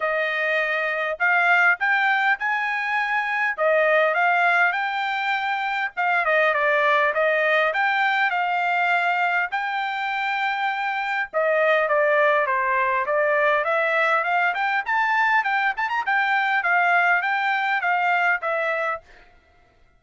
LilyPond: \new Staff \with { instrumentName = "trumpet" } { \time 4/4 \tempo 4 = 101 dis''2 f''4 g''4 | gis''2 dis''4 f''4 | g''2 f''8 dis''8 d''4 | dis''4 g''4 f''2 |
g''2. dis''4 | d''4 c''4 d''4 e''4 | f''8 g''8 a''4 g''8 a''16 ais''16 g''4 | f''4 g''4 f''4 e''4 | }